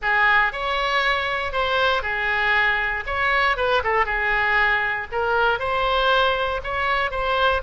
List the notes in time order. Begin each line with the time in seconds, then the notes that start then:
0.01 G#4
0.52 C#5
1.52 C5
2.02 G#4
3.06 C#5
3.57 B4
3.83 A4
4.05 G#4
5.11 A#4
5.59 C5
6.63 C#5
7.10 C5